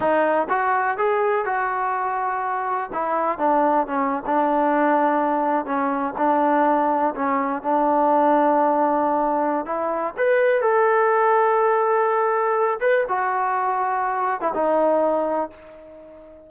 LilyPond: \new Staff \with { instrumentName = "trombone" } { \time 4/4 \tempo 4 = 124 dis'4 fis'4 gis'4 fis'4~ | fis'2 e'4 d'4 | cis'8. d'2. cis'16~ | cis'8. d'2 cis'4 d'16~ |
d'1 | e'4 b'4 a'2~ | a'2~ a'8 b'8 fis'4~ | fis'4.~ fis'16 e'16 dis'2 | }